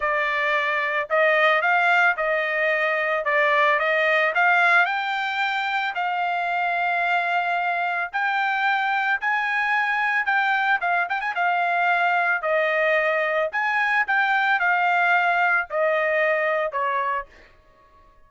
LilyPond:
\new Staff \with { instrumentName = "trumpet" } { \time 4/4 \tempo 4 = 111 d''2 dis''4 f''4 | dis''2 d''4 dis''4 | f''4 g''2 f''4~ | f''2. g''4~ |
g''4 gis''2 g''4 | f''8 g''16 gis''16 f''2 dis''4~ | dis''4 gis''4 g''4 f''4~ | f''4 dis''2 cis''4 | }